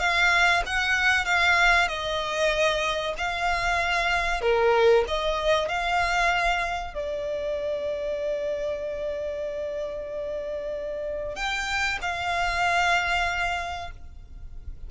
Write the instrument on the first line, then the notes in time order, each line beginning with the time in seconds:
violin
0.00 F5
0.66 F#5
1.25 F5
1.88 D#5
3.18 F5
4.42 A#4
5.08 D#5
5.69 F5
6.94 D5
11.36 G5
12.02 F5